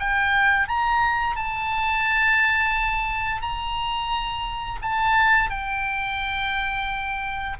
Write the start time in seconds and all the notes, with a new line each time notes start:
0.00 G5
0.68 A#5
1.36 A5
3.42 A#5
4.82 A5
5.50 G5